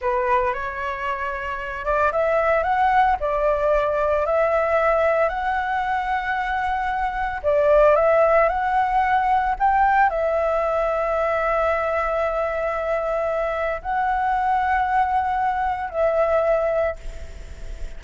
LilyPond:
\new Staff \with { instrumentName = "flute" } { \time 4/4 \tempo 4 = 113 b'4 cis''2~ cis''8 d''8 | e''4 fis''4 d''2 | e''2 fis''2~ | fis''2 d''4 e''4 |
fis''2 g''4 e''4~ | e''1~ | e''2 fis''2~ | fis''2 e''2 | }